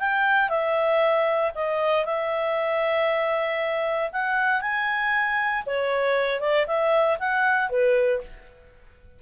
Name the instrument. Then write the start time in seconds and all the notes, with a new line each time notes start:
clarinet
0.00 G5
0.50 E5
1.55 D#5
2.06 E5
4.13 F#5
4.62 G#5
5.66 C#5
6.41 D5
6.67 E5
7.20 F#5
7.70 B4